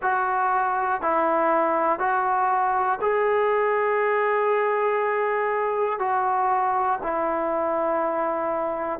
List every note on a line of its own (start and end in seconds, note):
0.02 1.01 F#4
1.01 1.99 E4
1.99 2.99 F#4
3.00 5.99 G#4
5.99 6.99 F#4
7.02 8.99 E4